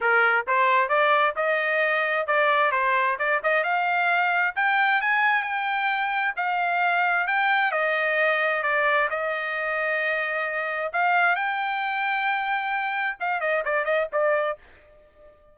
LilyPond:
\new Staff \with { instrumentName = "trumpet" } { \time 4/4 \tempo 4 = 132 ais'4 c''4 d''4 dis''4~ | dis''4 d''4 c''4 d''8 dis''8 | f''2 g''4 gis''4 | g''2 f''2 |
g''4 dis''2 d''4 | dis''1 | f''4 g''2.~ | g''4 f''8 dis''8 d''8 dis''8 d''4 | }